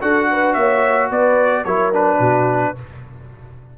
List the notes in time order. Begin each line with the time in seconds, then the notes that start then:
0.00 D4 F#4 A4 F#5
0.30 B4
0.53 A#3 C#5 E5
1.09 B3 B4 D5
1.64 F#3 E4 A#4 C#5
1.92 D4 B4
2.19 B2 F#4